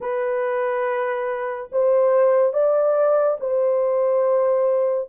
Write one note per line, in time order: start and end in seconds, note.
0.00 1.69 B4
1.71 2.53 C5
2.53 3.37 D5
3.40 5.09 C5